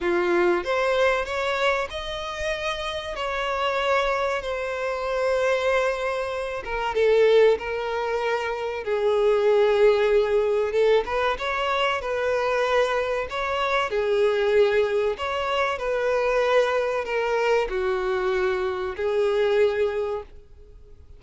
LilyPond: \new Staff \with { instrumentName = "violin" } { \time 4/4 \tempo 4 = 95 f'4 c''4 cis''4 dis''4~ | dis''4 cis''2 c''4~ | c''2~ c''8 ais'8 a'4 | ais'2 gis'2~ |
gis'4 a'8 b'8 cis''4 b'4~ | b'4 cis''4 gis'2 | cis''4 b'2 ais'4 | fis'2 gis'2 | }